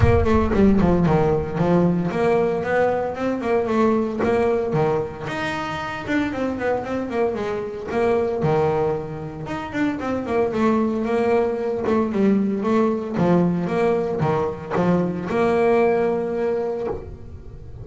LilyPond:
\new Staff \with { instrumentName = "double bass" } { \time 4/4 \tempo 4 = 114 ais8 a8 g8 f8 dis4 f4 | ais4 b4 c'8 ais8 a4 | ais4 dis4 dis'4. d'8 | c'8 b8 c'8 ais8 gis4 ais4 |
dis2 dis'8 d'8 c'8 ais8 | a4 ais4. a8 g4 | a4 f4 ais4 dis4 | f4 ais2. | }